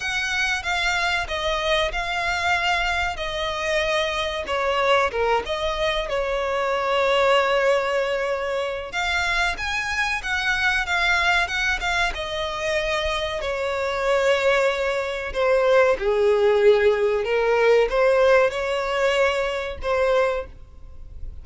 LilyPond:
\new Staff \with { instrumentName = "violin" } { \time 4/4 \tempo 4 = 94 fis''4 f''4 dis''4 f''4~ | f''4 dis''2 cis''4 | ais'8 dis''4 cis''2~ cis''8~ | cis''2 f''4 gis''4 |
fis''4 f''4 fis''8 f''8 dis''4~ | dis''4 cis''2. | c''4 gis'2 ais'4 | c''4 cis''2 c''4 | }